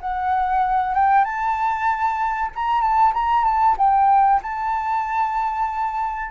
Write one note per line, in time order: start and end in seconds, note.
0.00 0.94 F#5
0.94 1.24 G5
1.24 2.50 A5
2.55 2.81 A#5
2.81 3.13 A5
3.13 3.44 A#5
3.44 3.76 A5
3.77 4.40 G5
4.42 6.31 A5